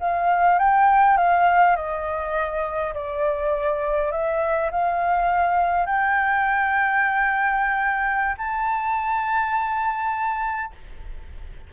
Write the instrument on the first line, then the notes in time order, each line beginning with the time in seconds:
flute
0.00 F5
0.59 G5
1.17 F5
1.76 D#5
2.94 D5
4.11 E5
4.71 F5
5.86 G5
8.38 A5